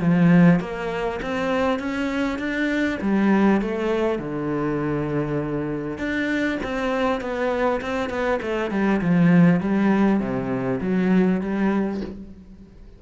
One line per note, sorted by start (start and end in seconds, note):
0.00 0.60 F3
0.60 1.20 A#3
1.22 1.79 C4
1.79 2.39 C#4
2.39 2.99 D4
3.01 3.61 G3
3.61 4.19 A3
4.19 5.98 D3
5.98 6.58 D4
6.63 7.21 C4
7.21 7.81 B3
7.81 8.09 C4
8.09 8.39 B3
8.42 8.71 A3
8.71 9.01 G3
9.01 9.60 F3
9.60 10.20 G3
10.20 10.80 C3
10.81 11.41 F#3
11.41 12.01 G3